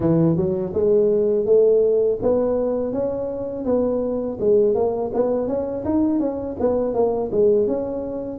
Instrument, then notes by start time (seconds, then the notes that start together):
tuba
0.00 E3
0.36 F#3
0.73 G#3
1.45 A3
2.22 B3
2.92 C#4
3.64 B3
4.40 G#3
4.74 A#3
5.13 B3
5.47 C#4
5.84 D#4
6.19 C#4
6.59 B3
6.93 A#3
7.31 G#3
7.67 C#4